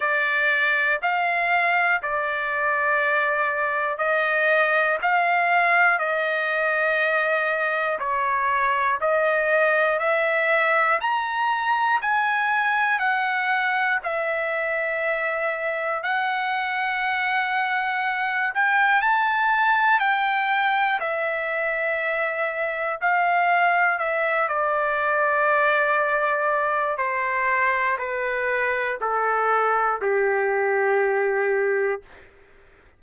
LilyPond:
\new Staff \with { instrumentName = "trumpet" } { \time 4/4 \tempo 4 = 60 d''4 f''4 d''2 | dis''4 f''4 dis''2 | cis''4 dis''4 e''4 ais''4 | gis''4 fis''4 e''2 |
fis''2~ fis''8 g''8 a''4 | g''4 e''2 f''4 | e''8 d''2~ d''8 c''4 | b'4 a'4 g'2 | }